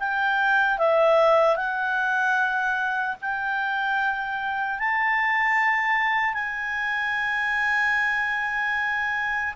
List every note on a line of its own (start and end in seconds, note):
0.00 0.79 G5
0.79 1.57 E5
1.57 3.17 F#5
3.22 4.80 G5
4.80 6.34 A5
6.34 9.54 G#5